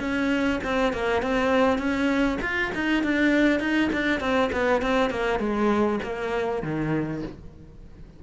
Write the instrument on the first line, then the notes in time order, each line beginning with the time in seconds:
cello
0.00 C#4
0.64 C4
0.93 A#3
1.22 C4
1.79 C#4
2.42 F4
2.75 D#4
3.04 D4
3.60 D#4
3.93 D4
4.20 C4
4.52 B3
4.82 C4
5.11 A#3
5.40 G#3
6.03 A#3
6.63 D#3